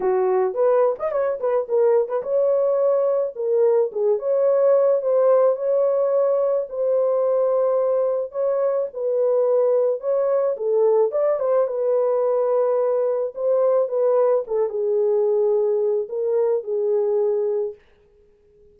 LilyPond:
\new Staff \with { instrumentName = "horn" } { \time 4/4 \tempo 4 = 108 fis'4 b'8. dis''16 cis''8 b'8 ais'8. b'16 | cis''2 ais'4 gis'8 cis''8~ | cis''4 c''4 cis''2 | c''2. cis''4 |
b'2 cis''4 a'4 | d''8 c''8 b'2. | c''4 b'4 a'8 gis'4.~ | gis'4 ais'4 gis'2 | }